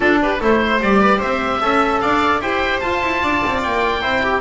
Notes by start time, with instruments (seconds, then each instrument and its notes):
0.00 trombone D4, double bass D4, viola F4, oboe A4
0.22 viola G4, oboe B4
0.40 double bass A3, trombone E4, viola A4, oboe C5
0.61 viola C5
0.80 double bass G3, trombone G4, oboe D5
1.01 viola B4
1.18 double bass C4, viola C5, oboe E5
1.60 double bass C#4, trombone A4, viola E5
2.00 double bass D4, viola D5, oboe F5
2.40 double bass E4, trombone G4, viola C5, oboe G5
2.80 double bass F4, trombone F4, oboe A5
3.02 double bass E4
3.22 double bass D4, viola D5
3.46 double bass C4
3.63 double bass A#3, oboe G5
4.01 double bass C4, trombone E4, viola C5
4.23 viola G4